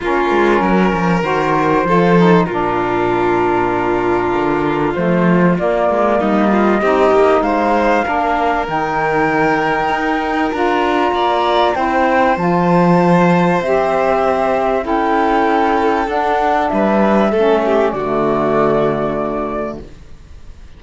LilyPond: <<
  \new Staff \with { instrumentName = "flute" } { \time 4/4 \tempo 4 = 97 ais'2 c''2 | ais'1 | c''4 d''4 dis''2 | f''2 g''2~ |
g''4 ais''2 g''4 | a''2 e''2 | g''2 fis''4 e''4~ | e''4 d''2. | }
  \new Staff \with { instrumentName = "violin" } { \time 4/4 f'4 ais'2 a'4 | f'1~ | f'2 dis'8 f'8 g'4 | c''4 ais'2.~ |
ais'2 d''4 c''4~ | c''1 | a'2. b'4 | a'8 g'8 fis'2. | }
  \new Staff \with { instrumentName = "saxophone" } { \time 4/4 cis'2 fis'4 f'8 dis'8 | d'1 | a4 ais2 dis'4~ | dis'4 d'4 dis'2~ |
dis'4 f'2 e'4 | f'2 g'2 | e'2 d'2 | cis'4 a2. | }
  \new Staff \with { instrumentName = "cello" } { \time 4/4 ais8 gis8 fis8 f8 dis4 f4 | ais,2. d4 | f4 ais8 gis8 g4 c'8 ais8 | gis4 ais4 dis2 |
dis'4 d'4 ais4 c'4 | f2 c'2 | cis'2 d'4 g4 | a4 d2. | }
>>